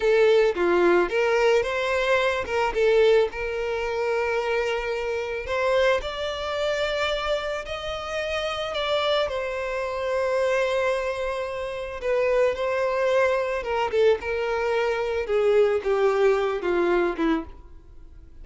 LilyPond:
\new Staff \with { instrumentName = "violin" } { \time 4/4 \tempo 4 = 110 a'4 f'4 ais'4 c''4~ | c''8 ais'8 a'4 ais'2~ | ais'2 c''4 d''4~ | d''2 dis''2 |
d''4 c''2.~ | c''2 b'4 c''4~ | c''4 ais'8 a'8 ais'2 | gis'4 g'4. f'4 e'8 | }